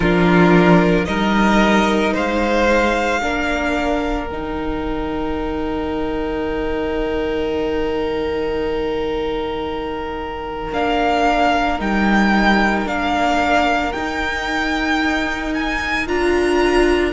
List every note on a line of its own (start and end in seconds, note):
0.00 1.06 F3
0.00 1.05 D4
0.00 1.06 F4
0.00 1.05 A#4
1.05 2.13 G3
1.05 3.19 D#4
1.05 2.13 A#4
1.05 2.12 D#5
2.13 3.23 G#3
2.13 3.20 C5
2.13 4.27 F5
3.21 4.29 A#3
3.21 4.28 D4
3.21 17.12 A#4
4.27 10.72 D#3
4.27 10.72 D#4
4.27 10.69 G5
10.72 11.79 A#3
10.72 11.78 D4
10.72 11.80 F5
11.78 12.85 G3
11.78 12.85 D#4
11.78 12.87 G5
12.85 13.93 A#3
12.85 13.92 D4
12.85 13.92 F5
13.92 16.07 D#4
13.92 15.53 G5
15.54 16.07 G#5
16.07 17.12 D4
16.07 17.12 F4
16.07 17.12 A#5